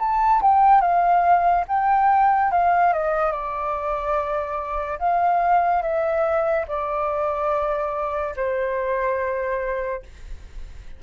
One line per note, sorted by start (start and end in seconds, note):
0.00 0.42 A5
0.42 0.81 G5
0.81 1.65 F5
1.68 2.52 G5
2.52 2.94 F5
2.94 3.32 D#5
3.32 4.99 D5
4.99 5.83 F5
5.83 6.66 E5
6.68 8.35 D5
8.36 10.03 C5